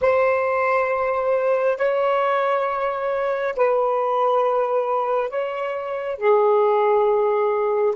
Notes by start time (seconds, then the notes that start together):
0.01 C5
1.77 C#5
3.56 B4
5.29 C#5
6.18 G#4